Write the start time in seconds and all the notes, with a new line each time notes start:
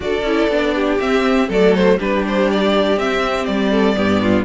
0.00 D4 F#4 A4 D5
0.22 C#4 E4
0.49 B3 D4
0.75 G4
0.99 C4 E5
1.48 F#3 A3 A4 D5
1.74 C5
1.98 G3 D4 G4 B4
2.27 C5
2.51 D5
2.96 C4 E5
3.45 G3 D5
3.70 A4
3.95 G2 B3 G4
4.21 F4